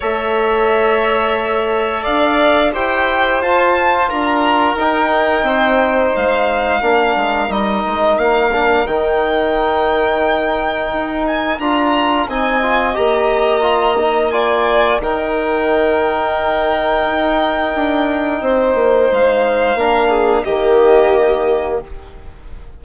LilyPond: <<
  \new Staff \with { instrumentName = "violin" } { \time 4/4 \tempo 4 = 88 e''2. f''4 | g''4 a''4 ais''4 g''4~ | g''4 f''2 dis''4 | f''4 g''2.~ |
g''8 gis''8 ais''4 gis''4 ais''4~ | ais''4 gis''4 g''2~ | g''1 | f''2 dis''2 | }
  \new Staff \with { instrumentName = "violin" } { \time 4/4 cis''2. d''4 | c''2 ais'2 | c''2 ais'2~ | ais'1~ |
ais'2 dis''2~ | dis''4 d''4 ais'2~ | ais'2. c''4~ | c''4 ais'8 gis'8 g'2 | }
  \new Staff \with { instrumentName = "trombone" } { \time 4/4 a'1 | g'4 f'2 dis'4~ | dis'2 d'4 dis'4~ | dis'8 d'8 dis'2.~ |
dis'4 f'4 dis'8 f'8 g'4 | f'8 dis'8 f'4 dis'2~ | dis'1~ | dis'4 d'4 ais2 | }
  \new Staff \with { instrumentName = "bassoon" } { \time 4/4 a2. d'4 | e'4 f'4 d'4 dis'4 | c'4 gis4 ais8 gis8 g8 gis8 | ais4 dis2. |
dis'4 d'4 c'4 ais4~ | ais2 dis2~ | dis4 dis'4 d'4 c'8 ais8 | gis4 ais4 dis2 | }
>>